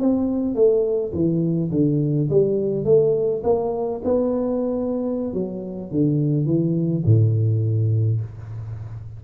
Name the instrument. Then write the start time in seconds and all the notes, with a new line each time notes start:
tuba
0.00 C4
0.55 A3
1.13 E3
1.71 D3
2.30 G3
2.85 A3
3.44 A#3
4.04 B3
5.33 F#3
5.91 D3
6.46 E3
7.05 A2